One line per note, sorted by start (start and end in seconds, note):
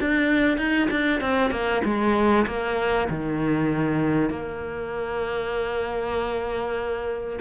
0.00 0.57 D4
0.57 0.88 D#4
0.90 1.21 D4
1.21 1.51 C4
1.51 1.82 A#3
1.84 2.46 G#3
2.46 3.08 A#3
3.09 4.30 D#3
4.30 7.39 A#3